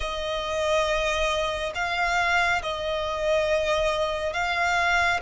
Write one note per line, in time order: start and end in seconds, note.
0.00 1.72 D#5
1.74 2.61 F5
2.62 4.33 D#5
4.33 5.20 F5